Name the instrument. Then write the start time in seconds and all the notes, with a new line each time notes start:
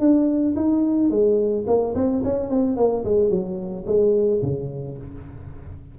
tuba
0.00 D4
0.56 D#4
1.10 G#3
1.67 A#3
1.95 C4
2.24 C#4
2.50 C4
2.76 A#3
3.05 G#3
3.30 F#3
3.86 G#3
4.42 C#3